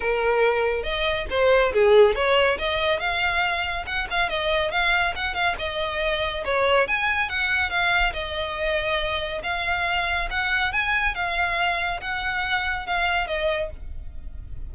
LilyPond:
\new Staff \with { instrumentName = "violin" } { \time 4/4 \tempo 4 = 140 ais'2 dis''4 c''4 | gis'4 cis''4 dis''4 f''4~ | f''4 fis''8 f''8 dis''4 f''4 | fis''8 f''8 dis''2 cis''4 |
gis''4 fis''4 f''4 dis''4~ | dis''2 f''2 | fis''4 gis''4 f''2 | fis''2 f''4 dis''4 | }